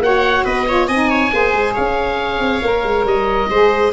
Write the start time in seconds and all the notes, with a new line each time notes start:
0.00 A#3 F#4 C#5 F#5
0.45 B3 B4 D#5
0.68 F4 C#5
0.88 C4 D#4 D#5 G#5
1.10 C#5
1.33 A#3 G#4 C5
1.55 G#3
1.74 C#4 C#5 F5
2.40 C4
2.62 A#3 A#4
2.84 G#3
3.05 G3 D#5
3.50 G#3 G#4 C5